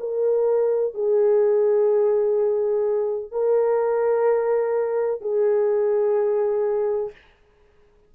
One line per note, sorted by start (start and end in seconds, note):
0.00 0.94 A#4
0.94 3.31 G#4
3.31 5.21 A#4
5.21 7.11 G#4